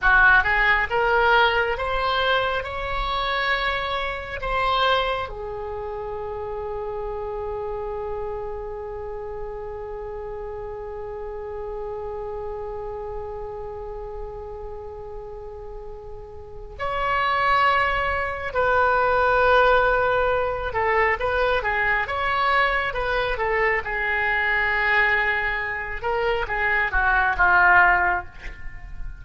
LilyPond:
\new Staff \with { instrumentName = "oboe" } { \time 4/4 \tempo 4 = 68 fis'8 gis'8 ais'4 c''4 cis''4~ | cis''4 c''4 gis'2~ | gis'1~ | gis'1~ |
gis'2. cis''4~ | cis''4 b'2~ b'8 a'8 | b'8 gis'8 cis''4 b'8 a'8 gis'4~ | gis'4. ais'8 gis'8 fis'8 f'4 | }